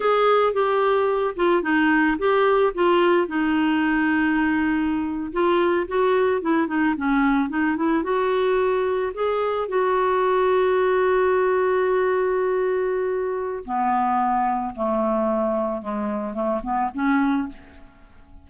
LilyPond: \new Staff \with { instrumentName = "clarinet" } { \time 4/4 \tempo 4 = 110 gis'4 g'4. f'8 dis'4 | g'4 f'4 dis'2~ | dis'4.~ dis'16 f'4 fis'4 e'16~ | e'16 dis'8 cis'4 dis'8 e'8 fis'4~ fis'16~ |
fis'8. gis'4 fis'2~ fis'16~ | fis'1~ | fis'4 b2 a4~ | a4 gis4 a8 b8 cis'4 | }